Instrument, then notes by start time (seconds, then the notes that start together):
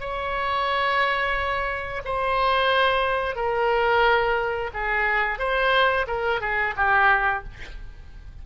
oboe
0.00 C#5
2.05 C5
3.36 A#4
4.74 G#4
5.39 C5
6.07 A#4
6.41 G#4
6.76 G4